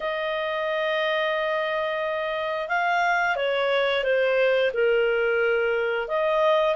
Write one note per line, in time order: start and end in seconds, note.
0.00 2.68 D#5
2.68 3.36 F5
3.36 4.03 C#5
4.03 4.71 C5
4.73 6.07 A#4
6.07 6.75 D#5